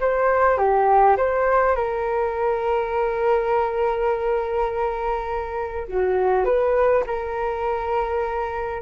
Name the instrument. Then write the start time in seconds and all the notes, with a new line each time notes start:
flute
0.00 C5
0.57 G4
1.17 C5
1.75 A#4
5.87 F#4
6.44 B4
7.06 A#4